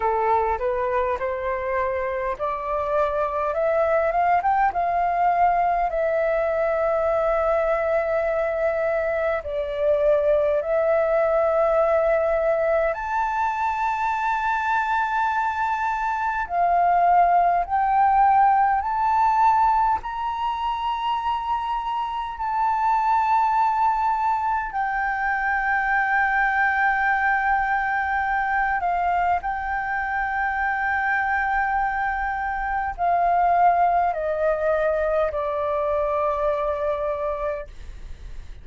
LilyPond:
\new Staff \with { instrumentName = "flute" } { \time 4/4 \tempo 4 = 51 a'8 b'8 c''4 d''4 e''8 f''16 g''16 | f''4 e''2. | d''4 e''2 a''4~ | a''2 f''4 g''4 |
a''4 ais''2 a''4~ | a''4 g''2.~ | g''8 f''8 g''2. | f''4 dis''4 d''2 | }